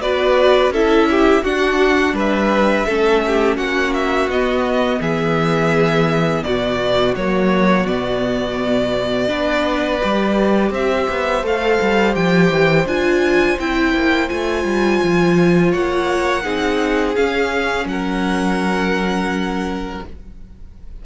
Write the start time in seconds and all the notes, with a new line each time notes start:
0.00 B3 F#4 B4 D5
0.69 C#4 E4 A4 E5
1.10 G4
1.43 D4 F#4 F#5
2.13 G3 B4 E5
2.86 A3 C#4 A4
3.26 G4
3.56 A#3 F#4 F#5
3.93 E5
4.27 B3 D#5
5.00 E3 G#4 E5
6.43 B2 F#4 D5
7.15 F#3 A#3 C#5
7.86 B2 B3 D5
9.27 B3 D4 B4
10.02 G3 G4
10.70 C4 C5 E5
11.10 B3
11.42 A3 A4 F5
11.81 G3
12.12 F3 G4 G5
12.51 E3
12.85 D4 F4 G#5
13.58 C4 E4 G5
13.93 A#3
14.28 A3 F4 G#5
14.64 G3
15.03 F3
15.71 A#3 C#5 F#5
16.43 C4 D#4 G#4
17.15 C#4 F5
17.85 F#3 F#5
17.91 A#4